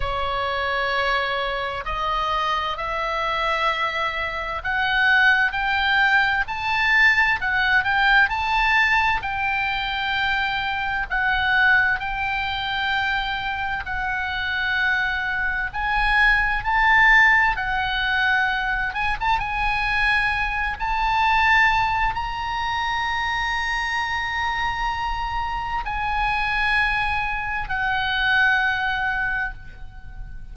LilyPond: \new Staff \with { instrumentName = "oboe" } { \time 4/4 \tempo 4 = 65 cis''2 dis''4 e''4~ | e''4 fis''4 g''4 a''4 | fis''8 g''8 a''4 g''2 | fis''4 g''2 fis''4~ |
fis''4 gis''4 a''4 fis''4~ | fis''8 gis''16 a''16 gis''4. a''4. | ais''1 | gis''2 fis''2 | }